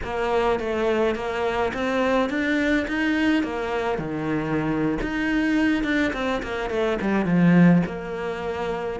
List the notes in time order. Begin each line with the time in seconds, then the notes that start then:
0.03 A#3
0.59 A3
1.15 A#3
1.73 C4
2.29 D4
2.87 D#4
3.43 A#3
3.98 D#3
5.01 D#4
5.83 D4
6.13 C4
6.43 A#3
6.70 A3
7.01 G3
7.25 F3
7.86 A#3